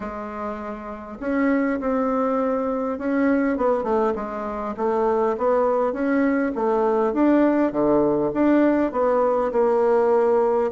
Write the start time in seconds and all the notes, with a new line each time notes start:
0.00 G#3
1.20 C#4
1.80 C4
2.98 C#4
3.57 B3
3.83 A3
4.15 G#3
4.77 A3
5.37 B3
5.92 C#4
6.55 A3
7.13 D4
7.71 D3
8.33 D4
8.92 B3
9.52 A#3